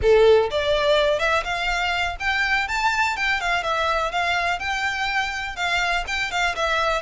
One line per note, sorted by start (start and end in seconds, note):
0.01 0.50 A4
0.50 1.19 D5
1.19 1.43 E5
1.44 2.16 F5
2.19 2.67 G5
2.67 3.16 A5
3.16 3.40 G5
3.40 3.63 F5
3.63 4.11 E5
4.11 4.59 F5
4.59 5.56 G5
5.56 6.04 F5
6.07 6.31 G5
6.31 6.55 F5
6.55 7.01 E5